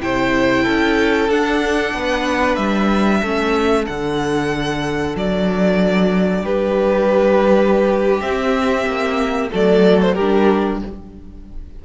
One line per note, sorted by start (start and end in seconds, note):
0.00 0.65 C3
0.00 1.30 E4
0.00 0.65 C5
0.00 1.30 G5
0.65 1.29 C#4
0.65 1.94 A4
1.29 1.94 D4
1.29 3.24 D4
1.29 2.56 F#5
1.94 2.58 B3
1.94 3.21 B4
2.56 3.22 G3
2.56 3.85 E5
3.21 3.88 A3
3.21 3.87 C#4
3.21 6.43 A4
3.87 5.16 D3
3.87 8.22 D4
3.87 5.16 F#5
5.16 6.43 F#3
5.16 6.46 D5
6.43 8.21 G3
6.43 9.50 G4
6.43 8.21 B4
8.21 8.87 C4
8.21 9.51 C4
8.21 9.50 E5
8.87 9.51 A#3
9.52 10.18 F#3
9.52 10.16 A3
9.52 10.15 A4
9.52 10.03 D5
10.03 10.15 C5
10.15 10.82 G3
10.15 10.80 G4
10.15 10.79 A#4
10.21 10.86 D4